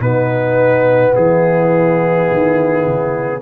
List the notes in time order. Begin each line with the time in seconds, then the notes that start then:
0.00 B2 B3 D#4 B4
1.11 E4 G#4
1.17 E3
2.31 D#3
2.86 C#3